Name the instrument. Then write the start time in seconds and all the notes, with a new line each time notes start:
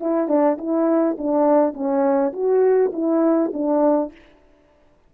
horn
0.00 E4
0.28 D4
0.57 E4
1.18 D4
1.73 C#4
2.33 F#4
2.93 E4
3.53 D4